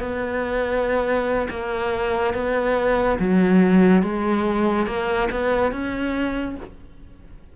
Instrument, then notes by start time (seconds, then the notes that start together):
cello
0.00 B3
1.50 A#3
2.34 B3
3.20 F#3
4.03 G#3
4.87 A#3
5.31 B3
5.72 C#4